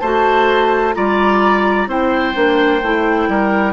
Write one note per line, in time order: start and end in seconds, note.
0.00 0.96 A3
0.00 0.94 F#4
0.00 0.95 C5
0.00 0.94 A5
0.94 1.87 G3
0.94 1.88 F4
0.94 1.89 D5
0.94 1.89 A#5
1.87 2.34 C4
1.87 2.34 E4
1.87 3.30 C5
1.87 3.73 G5
2.34 2.82 A#3
2.34 2.81 D4
2.82 3.28 A3
2.82 3.73 E4
3.28 3.73 G3
3.28 3.73 A#4